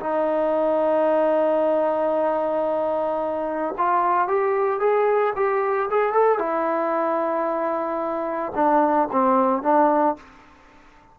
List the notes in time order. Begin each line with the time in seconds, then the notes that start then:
0.00 D#4
3.78 F4
4.28 G4
4.80 G#4
5.36 G4
5.91 G#4
6.13 A4
6.39 E4
8.56 D4
9.12 C4
9.63 D4